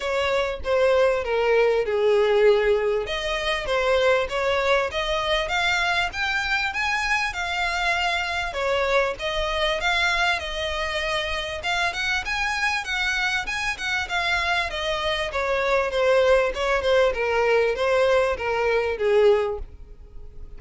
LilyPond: \new Staff \with { instrumentName = "violin" } { \time 4/4 \tempo 4 = 98 cis''4 c''4 ais'4 gis'4~ | gis'4 dis''4 c''4 cis''4 | dis''4 f''4 g''4 gis''4 | f''2 cis''4 dis''4 |
f''4 dis''2 f''8 fis''8 | gis''4 fis''4 gis''8 fis''8 f''4 | dis''4 cis''4 c''4 cis''8 c''8 | ais'4 c''4 ais'4 gis'4 | }